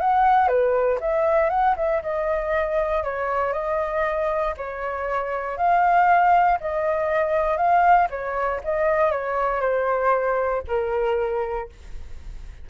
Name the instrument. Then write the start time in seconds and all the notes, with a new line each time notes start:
flute
0.00 F#5
0.48 B4
1.00 E5
1.49 F#5
1.76 E5
2.02 D#5
3.03 C#5
3.52 D#5
4.57 C#5
5.57 F5
6.60 D#5
7.57 F5
8.10 C#5
8.63 D#5
9.11 C#5
9.60 C5
10.67 A#4